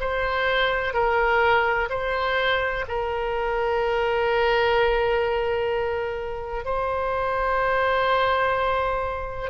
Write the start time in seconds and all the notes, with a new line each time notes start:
0.00 C5
0.94 A#4
1.90 C5
2.88 A#4
6.65 C5